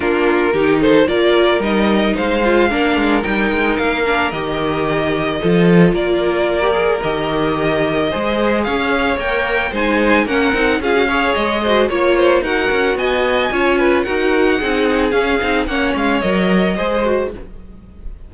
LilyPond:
<<
  \new Staff \with { instrumentName = "violin" } { \time 4/4 \tempo 4 = 111 ais'4. c''8 d''4 dis''4 | f''2 g''4 f''4 | dis''2. d''4~ | d''4 dis''2. |
f''4 g''4 gis''4 fis''4 | f''4 dis''4 cis''4 fis''4 | gis''2 fis''2 | f''4 fis''8 f''8 dis''2 | }
  \new Staff \with { instrumentName = "violin" } { \time 4/4 f'4 g'8 a'8 ais'2 | c''4 ais'2.~ | ais'2 a'4 ais'4~ | ais'2. c''4 |
cis''2 c''4 ais'4 | gis'8 cis''4 c''8 cis''8 c''8 ais'4 | dis''4 cis''8 b'8 ais'4 gis'4~ | gis'4 cis''2 c''4 | }
  \new Staff \with { instrumentName = "viola" } { \time 4/4 d'4 dis'4 f'4 dis'4~ | dis'8 f'8 d'4 dis'4. d'8 | g'2 f'2~ | f'16 g'16 gis'8 g'2 gis'4~ |
gis'4 ais'4 dis'4 cis'8 dis'8 | f'16 fis'16 gis'4 fis'8 f'4 fis'4~ | fis'4 f'4 fis'4 dis'4 | cis'8 dis'8 cis'4 ais'4 gis'8 fis'8 | }
  \new Staff \with { instrumentName = "cello" } { \time 4/4 ais4 dis4 ais4 g4 | gis4 ais8 gis8 g8 gis8 ais4 | dis2 f4 ais4~ | ais4 dis2 gis4 |
cis'4 ais4 gis4 ais8 c'8 | cis'4 gis4 ais4 dis'8 cis'8 | b4 cis'4 dis'4 c'4 | cis'8 c'8 ais8 gis8 fis4 gis4 | }
>>